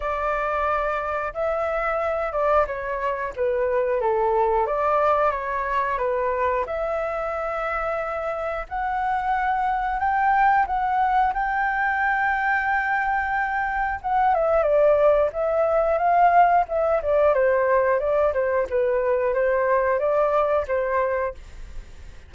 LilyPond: \new Staff \with { instrumentName = "flute" } { \time 4/4 \tempo 4 = 90 d''2 e''4. d''8 | cis''4 b'4 a'4 d''4 | cis''4 b'4 e''2~ | e''4 fis''2 g''4 |
fis''4 g''2.~ | g''4 fis''8 e''8 d''4 e''4 | f''4 e''8 d''8 c''4 d''8 c''8 | b'4 c''4 d''4 c''4 | }